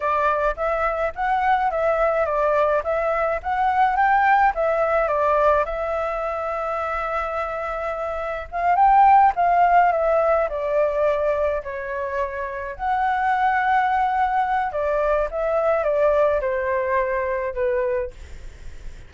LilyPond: \new Staff \with { instrumentName = "flute" } { \time 4/4 \tempo 4 = 106 d''4 e''4 fis''4 e''4 | d''4 e''4 fis''4 g''4 | e''4 d''4 e''2~ | e''2. f''8 g''8~ |
g''8 f''4 e''4 d''4.~ | d''8 cis''2 fis''4.~ | fis''2 d''4 e''4 | d''4 c''2 b'4 | }